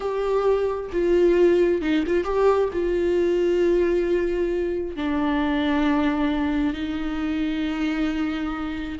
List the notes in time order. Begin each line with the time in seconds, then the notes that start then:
0.00 G4
0.92 F4
1.81 D#4
2.06 F4
2.24 G4
2.72 F4
4.95 D4
6.73 D#4